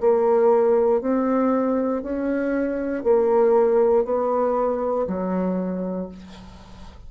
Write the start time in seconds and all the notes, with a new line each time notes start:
0.00 A#3
1.01 C4
2.02 C#4
3.03 A#3
4.04 B3
5.07 F#3